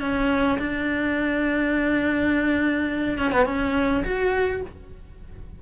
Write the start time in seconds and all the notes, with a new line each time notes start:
0.00 C#4
0.59 D4
3.18 C#4
3.31 B3
3.46 C#4
4.04 F#4